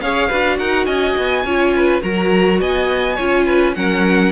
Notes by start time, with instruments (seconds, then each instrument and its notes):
0.00 cello C#4, viola G#4, violin C#5 F5
0.28 cello D4, viola F#4, violin B4
0.58 cello D#4, violin A#4 F#5
0.85 cello C#4, violin D#5 G#5
1.17 cello B3
1.44 cello C#4, viola F4, violin C#5
1.76 violin B4
2.01 cello F#3, viola F#4, violin A#4 A#5
2.60 cello B3, violin D#5 G#5
3.15 cello C#4, viola F4, violin C#5
3.45 violin B4
3.74 cello F#3, viola C#4, violin A#4 F#5